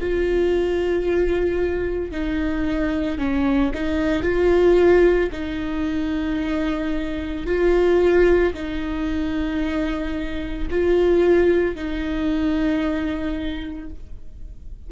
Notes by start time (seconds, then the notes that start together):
0.00 F4
2.11 D#4
3.18 C#4
3.74 D#4
4.23 F4
5.32 D#4
7.46 F4
8.54 D#4
10.70 F4
11.76 D#4